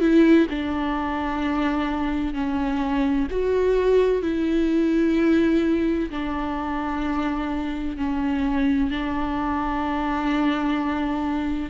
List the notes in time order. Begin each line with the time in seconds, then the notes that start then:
0.00 E4
0.49 D4
2.34 C#4
3.30 F#4
4.22 E4
6.10 D4
7.97 C#4
8.90 D4